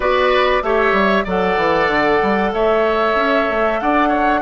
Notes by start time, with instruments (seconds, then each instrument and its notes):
0.00 bassoon B3, clarinet F#4, oboe B4, flute D5
0.62 bassoon A3, clarinet G4, oboe C#5, flute E5
0.92 bassoon G3
1.24 bassoon F#3, clarinet A4, oboe D5, flute F#5
1.56 bassoon E3
1.87 bassoon D3
2.22 bassoon G3
2.53 bassoon A3, oboe C#5, flute E5
3.15 bassoon C#4
3.49 bassoon A3
3.80 bassoon D4, oboe D5, flute F#5
4.08 oboe C#5